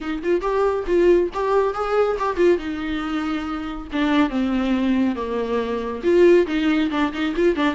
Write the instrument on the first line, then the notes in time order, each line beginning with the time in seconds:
viola
0.00 D#4
0.23 F4
0.41 G4
0.86 F4
1.33 G4
1.74 G#4
2.18 G4
2.36 F4
2.58 D#4
3.92 D4
4.29 C4
5.15 A#3
6.03 F4
6.46 D#4
6.90 D4
7.12 D#4
7.36 F4
7.55 D4